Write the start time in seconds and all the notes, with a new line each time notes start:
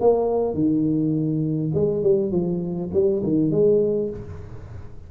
0.00 A#3
0.54 D#3
1.74 G#3
2.03 G3
2.32 F3
2.93 G3
3.23 D#3
3.51 G#3